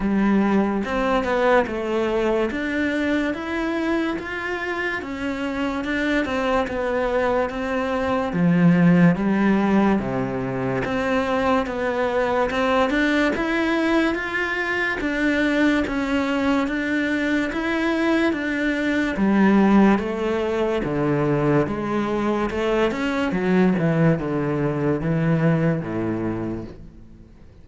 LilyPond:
\new Staff \with { instrumentName = "cello" } { \time 4/4 \tempo 4 = 72 g4 c'8 b8 a4 d'4 | e'4 f'4 cis'4 d'8 c'8 | b4 c'4 f4 g4 | c4 c'4 b4 c'8 d'8 |
e'4 f'4 d'4 cis'4 | d'4 e'4 d'4 g4 | a4 d4 gis4 a8 cis'8 | fis8 e8 d4 e4 a,4 | }